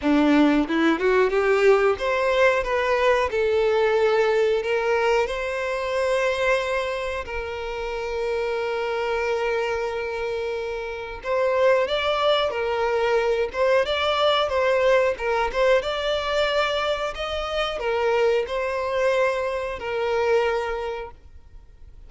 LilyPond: \new Staff \with { instrumentName = "violin" } { \time 4/4 \tempo 4 = 91 d'4 e'8 fis'8 g'4 c''4 | b'4 a'2 ais'4 | c''2. ais'4~ | ais'1~ |
ais'4 c''4 d''4 ais'4~ | ais'8 c''8 d''4 c''4 ais'8 c''8 | d''2 dis''4 ais'4 | c''2 ais'2 | }